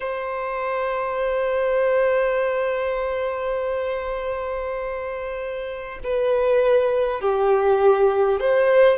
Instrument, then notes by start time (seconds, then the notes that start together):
violin
0.00 C5
6.03 B4
7.21 G4
8.39 C5